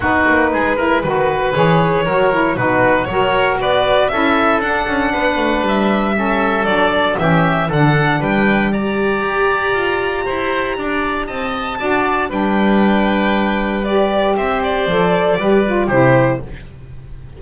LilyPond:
<<
  \new Staff \with { instrumentName = "violin" } { \time 4/4 \tempo 4 = 117 b'2. cis''4~ | cis''4 b'4 cis''4 d''4 | e''4 fis''2 e''4~ | e''4 d''4 e''4 fis''4 |
g''4 ais''2.~ | ais''2 a''2 | g''2. d''4 | e''8 d''2~ d''8 c''4 | }
  \new Staff \with { instrumentName = "oboe" } { \time 4/4 fis'4 gis'8 ais'8 b'2 | ais'4 fis'4 ais'4 b'4 | a'2 b'2 | a'2 g'4 a'4 |
b'4 d''2. | c''4 d''4 dis''4 d''4 | b'1 | c''2 b'4 g'4 | }
  \new Staff \with { instrumentName = "saxophone" } { \time 4/4 dis'4. e'8 fis'4 gis'4 | fis'8 e'8 dis'4 fis'2 | e'4 d'2. | cis'4 d'4 cis'4 d'4~ |
d'4 g'2.~ | g'2. fis'4 | d'2. g'4~ | g'4 a'4 g'8 f'8 e'4 | }
  \new Staff \with { instrumentName = "double bass" } { \time 4/4 b8 ais8 gis4 dis4 e4 | fis4 b,4 fis4 b4 | cis'4 d'8 cis'8 b8 a8 g4~ | g4 fis4 e4 d4 |
g2 g'4 f'4 | e'4 d'4 c'4 d'4 | g1 | c'4 f4 g4 c4 | }
>>